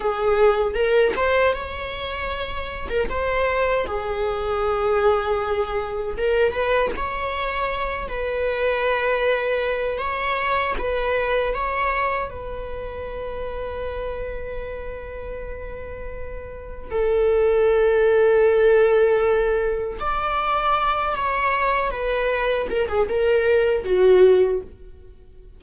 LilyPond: \new Staff \with { instrumentName = "viola" } { \time 4/4 \tempo 4 = 78 gis'4 ais'8 c''8 cis''4.~ cis''16 ais'16 | c''4 gis'2. | ais'8 b'8 cis''4. b'4.~ | b'4 cis''4 b'4 cis''4 |
b'1~ | b'2 a'2~ | a'2 d''4. cis''8~ | cis''8 b'4 ais'16 gis'16 ais'4 fis'4 | }